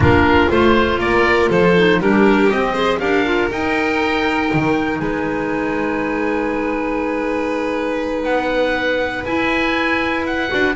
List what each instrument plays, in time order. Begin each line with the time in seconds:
0.00 double bass A#3, clarinet D4, violin F4, oboe A#4
0.50 double bass A3, clarinet F4, oboe C5
0.98 double bass A#3, violin A#4, oboe D5
1.49 double bass F3, violin A4, oboe C5
1.77 clarinet D#4
1.99 double bass G3, clarinet D4, violin G4, oboe A#4
2.50 clarinet C4, double bass C4, oboe D#5
2.73 clarinet G#4, violin C5
2.99 double bass D4, clarinet G4, violin A#4, oboe F5
3.25 clarinet F4
3.50 clarinet D#4, double bass D#4, oboe G5
4.53 double bass D#3
4.99 double bass G#3, violin B4, oboe G#5
8.23 double bass B3, oboe F#5
9.25 double bass E4, clarinet E4, oboe G#5
10.26 oboe F#5
10.47 double bass D4, clarinet F#4